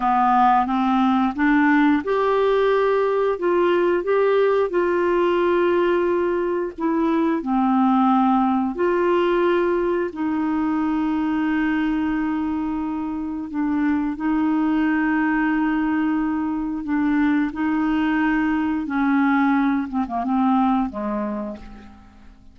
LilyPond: \new Staff \with { instrumentName = "clarinet" } { \time 4/4 \tempo 4 = 89 b4 c'4 d'4 g'4~ | g'4 f'4 g'4 f'4~ | f'2 e'4 c'4~ | c'4 f'2 dis'4~ |
dis'1 | d'4 dis'2.~ | dis'4 d'4 dis'2 | cis'4. c'16 ais16 c'4 gis4 | }